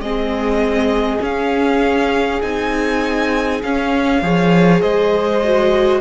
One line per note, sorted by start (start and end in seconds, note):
0.00 1.20 G#3
0.00 1.21 C4
0.00 4.23 G#4
0.00 1.21 D#5
1.21 2.41 C#4
1.21 2.42 C#4
1.21 2.42 F5
2.42 3.63 C4
2.42 3.62 D#4
2.42 3.62 G#5
3.63 4.22 C#4
3.63 4.82 F5
4.22 4.83 F3
4.22 5.42 G#4
4.22 4.82 C#5
4.82 6.01 G#3
4.82 6.01 C5
4.82 6.01 D#5
5.44 6.01 F#4